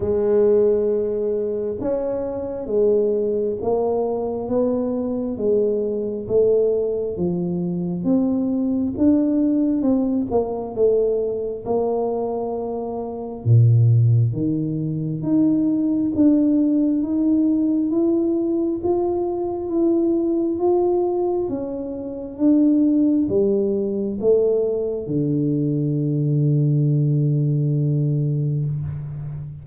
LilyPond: \new Staff \with { instrumentName = "tuba" } { \time 4/4 \tempo 4 = 67 gis2 cis'4 gis4 | ais4 b4 gis4 a4 | f4 c'4 d'4 c'8 ais8 | a4 ais2 ais,4 |
dis4 dis'4 d'4 dis'4 | e'4 f'4 e'4 f'4 | cis'4 d'4 g4 a4 | d1 | }